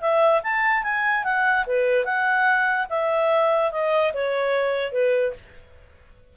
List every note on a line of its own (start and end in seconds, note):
0.00 0.41 E5
0.43 0.83 A5
0.83 1.24 G#5
1.24 1.65 F#5
1.66 2.04 B4
2.04 2.87 F#5
2.89 3.71 E5
3.71 4.12 D#5
4.13 4.92 C#5
4.92 5.33 B4